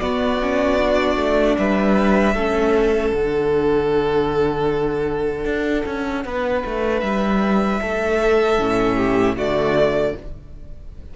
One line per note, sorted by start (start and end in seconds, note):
0.00 0.40 B3
0.00 1.17 B3
0.00 1.58 F#4
0.00 1.56 D5
0.42 0.80 C#4
0.80 2.36 D4
1.17 1.56 A3
1.58 2.34 G3
1.58 2.35 B4
1.58 3.14 E5
2.34 3.12 A3
2.34 3.15 C#4
2.34 6.25 A4
3.13 5.45 D3
3.13 8.59 D4
3.13 7.01 F#5
5.45 5.84 D4
5.86 6.25 C#4
6.25 6.64 B3
6.25 7.81 B4
6.65 7.02 A3
7.01 7.80 G3
7.01 9.35 E5
7.81 8.59 A3
7.81 8.97 A4
8.59 9.36 A2
8.59 9.37 C#4
8.97 9.36 G4
9.36 10.14 D3
9.36 10.15 A3
9.36 10.14 F#4
9.36 10.16 D5